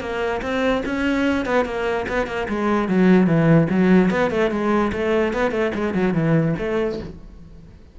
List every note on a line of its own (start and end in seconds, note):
0.00 0.41 A#3
0.42 0.82 C4
0.85 1.45 C#4
1.45 1.65 B3
1.65 2.06 A#3
2.08 2.26 B3
2.26 2.47 A#3
2.48 2.88 G#3
2.88 3.26 F#3
3.26 3.67 E3
3.69 4.10 F#3
4.10 4.30 B3
4.30 4.50 A3
4.50 4.91 G#3
4.92 5.33 A3
5.33 5.51 B3
5.51 5.71 A3
5.74 5.94 G#3
5.94 6.14 F#3
6.14 6.54 E3
6.58 6.99 A3